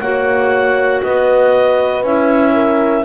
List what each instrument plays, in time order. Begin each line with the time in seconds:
0.00 double bass A#3, clarinet F#4 F#5, horn C#5
1.03 double bass B3, horn B4, clarinet D#5
2.03 double bass C#4, clarinet E4 E5
2.54 horn A#4